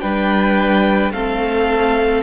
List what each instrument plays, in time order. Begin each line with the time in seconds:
0.00 cello G3, viola D4, violin B4 G5
1.10 cello A3, viola C4, violin A4 F5